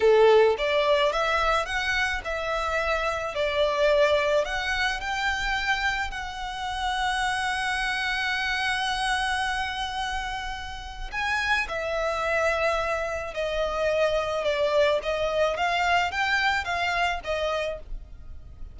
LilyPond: \new Staff \with { instrumentName = "violin" } { \time 4/4 \tempo 4 = 108 a'4 d''4 e''4 fis''4 | e''2 d''2 | fis''4 g''2 fis''4~ | fis''1~ |
fis''1 | gis''4 e''2. | dis''2 d''4 dis''4 | f''4 g''4 f''4 dis''4 | }